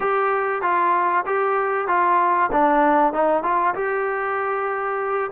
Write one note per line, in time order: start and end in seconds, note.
0.00 0.62 G4
0.62 1.24 F4
1.26 1.87 G4
1.87 2.50 F4
2.51 3.13 D4
3.13 3.43 D#4
3.43 3.74 F4
3.74 5.31 G4